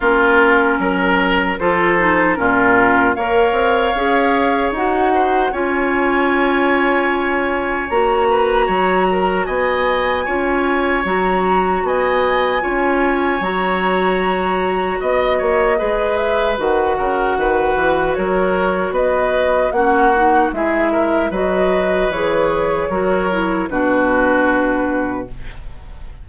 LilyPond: <<
  \new Staff \with { instrumentName = "flute" } { \time 4/4 \tempo 4 = 76 ais'2 c''4 ais'4 | f''2 fis''4 gis''4~ | gis''2 ais''2 | gis''2 ais''4 gis''4~ |
gis''4 ais''2 dis''4~ | dis''8 e''8 fis''2 cis''4 | dis''4 fis''4 e''4 dis''4 | cis''2 b'2 | }
  \new Staff \with { instrumentName = "oboe" } { \time 4/4 f'4 ais'4 a'4 f'4 | cis''2~ cis''8 c''8 cis''4~ | cis''2~ cis''8 b'8 cis''8 ais'8 | dis''4 cis''2 dis''4 |
cis''2. dis''8 cis''8 | b'4. ais'8 b'4 ais'4 | b'4 fis'4 gis'8 ais'8 b'4~ | b'4 ais'4 fis'2 | }
  \new Staff \with { instrumentName = "clarinet" } { \time 4/4 cis'2 f'8 dis'8 cis'4 | ais'4 gis'4 fis'4 f'4~ | f'2 fis'2~ | fis'4 f'4 fis'2 |
f'4 fis'2. | gis'4 fis'2.~ | fis'4 cis'8 dis'8 e'4 fis'4 | gis'4 fis'8 e'8 d'2 | }
  \new Staff \with { instrumentName = "bassoon" } { \time 4/4 ais4 fis4 f4 ais,4 | ais8 c'8 cis'4 dis'4 cis'4~ | cis'2 ais4 fis4 | b4 cis'4 fis4 b4 |
cis'4 fis2 b8 ais8 | gis4 dis8 cis8 dis8 e8 fis4 | b4 ais4 gis4 fis4 | e4 fis4 b,2 | }
>>